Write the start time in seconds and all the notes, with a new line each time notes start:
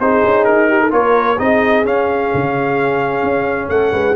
0.00 C4 D#4 G#4 C5
0.25 C#4
0.45 D#4 A#4
0.69 G4
0.81 A4
0.91 A#3 F4 A#4 C#5
1.39 C4 D#4 G#4 D#5
1.85 C#4 F5
2.34 C#3
3.23 C#4
3.69 A3 A4 F#5
3.92 G#3 B4